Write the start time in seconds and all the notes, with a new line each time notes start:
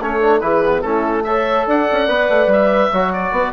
0.00 A3 C#4 A4 C#5
0.21 D4
0.41 E3 E4 G#4 B4
0.64 B3
0.82 A3 C#4 E4 A4
1.24 A4 C#5 E5
1.67 D4 D5 F#5
1.92 C#4
2.08 B3 B4
2.29 A3
2.47 G3 E5
2.92 F#3 F#4 C#5
3.13 D5
3.32 B3 B4